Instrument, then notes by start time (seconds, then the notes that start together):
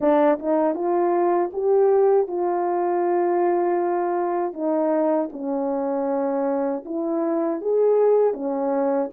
horn
0.00 D4
0.39 D#4
0.75 F4
1.52 G4
2.27 F4
4.53 D#4
5.32 C#4
6.85 E4
7.61 G#4
8.33 C#4